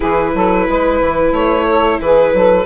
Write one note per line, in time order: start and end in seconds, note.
0.00 0.34 E3
0.00 2.65 E4
0.00 0.32 G#4
0.00 1.33 B4
0.34 0.67 F#3
0.34 0.68 A4
0.68 1.00 G#3
0.68 1.67 B4
1.00 1.31 E3
1.31 1.98 A3
1.31 2.00 C#5
1.67 2.00 A4
2.01 2.33 E3
2.01 2.34 G#4
2.01 2.65 B4
2.33 2.65 F#3
2.33 2.65 A4